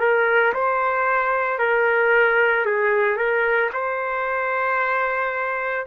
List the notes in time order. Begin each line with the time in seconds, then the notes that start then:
0.00 A#4
0.54 C5
1.59 A#4
2.66 G#4
3.17 A#4
3.74 C5